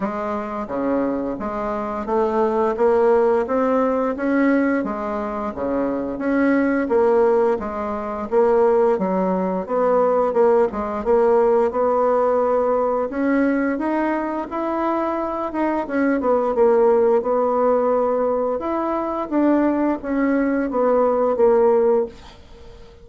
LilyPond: \new Staff \with { instrumentName = "bassoon" } { \time 4/4 \tempo 4 = 87 gis4 cis4 gis4 a4 | ais4 c'4 cis'4 gis4 | cis4 cis'4 ais4 gis4 | ais4 fis4 b4 ais8 gis8 |
ais4 b2 cis'4 | dis'4 e'4. dis'8 cis'8 b8 | ais4 b2 e'4 | d'4 cis'4 b4 ais4 | }